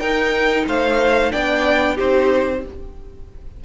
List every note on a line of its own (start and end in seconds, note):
0.00 0.67 D#4
0.00 1.32 D#4
0.00 0.65 A#4
0.00 0.65 G5
0.67 1.32 A3
0.67 1.33 C5
0.67 1.32 F5
1.32 1.99 B3
1.32 1.97 D4
1.32 1.95 D5
1.32 1.98 G5
1.95 2.65 C4
1.95 2.62 D#4
1.95 2.60 G4
1.95 2.65 C5